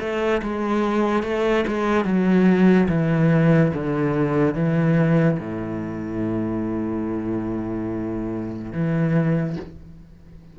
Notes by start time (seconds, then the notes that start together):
0.00 A3
0.43 G#3
1.23 A3
1.68 G#3
2.05 F#3
2.89 E3
3.74 D3
4.55 E3
5.40 A2
8.73 E3